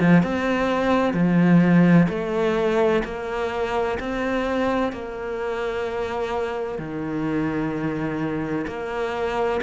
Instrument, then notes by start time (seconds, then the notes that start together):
cello
0.00 F3
0.23 C4
1.13 F3
2.09 A3
3.04 A#3
3.99 C4
4.92 A#3
6.78 D#3
8.67 A#3